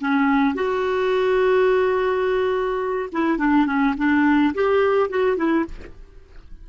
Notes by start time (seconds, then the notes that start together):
0.00 C#4
0.55 F#4
3.13 E4
3.38 D4
3.66 C#4
3.97 D4
4.54 G4
5.09 F#4
5.37 E4